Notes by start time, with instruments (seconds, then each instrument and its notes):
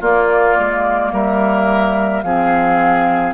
0.00 bassoon A#3, clarinet A#3, oboe F4, flute D5
0.58 bassoon G#3
1.12 bassoon G3, oboe A#4, flute E5
2.22 bassoon F3, clarinet C4, oboe G#4, flute F5